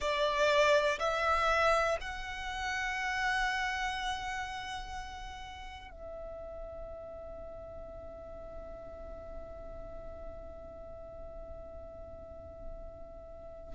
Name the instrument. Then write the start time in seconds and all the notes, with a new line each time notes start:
violin
0.00 D5
0.99 E5
2.00 F#5
5.90 E5